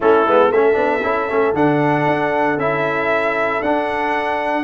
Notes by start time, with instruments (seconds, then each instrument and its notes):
0.00 tuba A3, trombone C#4, horn E4, trumpet A4
0.27 tuba G#3, trombone B3
0.49 tuba A3, trombone C#4, horn A4, trumpet E5
0.73 tuba B3, trombone D4
1.03 tuba C#4, trombone E4
1.29 tuba A3, trombone C#4
1.53 tuba D3, trombone D4, trumpet F#5
2.07 tuba D4
2.57 tuba C#4, trombone E4, trumpet E5
3.61 tuba D4, trombone D4, trumpet F#5